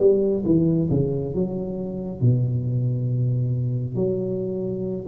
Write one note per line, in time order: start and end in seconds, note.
0.00 0.44 G3
0.46 0.90 E3
0.91 1.35 C#3
1.35 2.21 F#3
2.21 3.96 B2
3.96 5.06 F#3